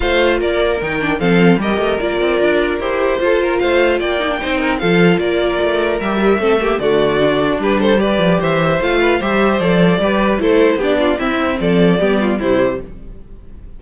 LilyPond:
<<
  \new Staff \with { instrumentName = "violin" } { \time 4/4 \tempo 4 = 150 f''4 d''4 g''4 f''4 | dis''4 d''2 c''4~ | c''4 f''4 g''2 | f''4 d''2 e''4~ |
e''4 d''2 b'8 c''8 | d''4 e''4 f''4 e''4 | d''2 c''4 d''4 | e''4 d''2 c''4 | }
  \new Staff \with { instrumentName = "violin" } { \time 4/4 c''4 ais'2 a'4 | ais'1 | a'8 ais'8 c''4 d''4 c''8 ais'8 | a'4 ais'2. |
a'8 g'8 fis'2 g'8 a'8 | b'4 c''4. b'8 c''4~ | c''4 b'4 a'4 g'8 f'8 | e'4 a'4 g'8 f'8 e'4 | }
  \new Staff \with { instrumentName = "viola" } { \time 4/4 f'2 dis'8 d'8 c'4 | g'4 f'2 g'4 | f'2~ f'8 dis'16 d'16 dis'4 | f'2. g'8 g8 |
c'8 ais8 a4 d'2 | g'2 f'4 g'4 | a'4 g'4 e'4 d'4 | c'2 b4 g4 | }
  \new Staff \with { instrumentName = "cello" } { \time 4/4 a4 ais4 dis4 f4 | g8 a8 ais8 c'8 d'4 e'4 | f'4 a4 ais4 c'4 | f4 ais4 a4 g4 |
a4 d2 g4~ | g8 f8 e4 a4 g4 | f4 g4 a4 b4 | c'4 f4 g4 c4 | }
>>